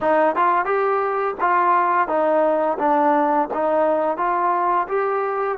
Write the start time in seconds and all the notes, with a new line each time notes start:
0.01 D#4
0.35 F4
0.65 G4
1.40 F4
2.07 D#4
2.78 D4
3.53 D#4
4.17 F4
4.88 G4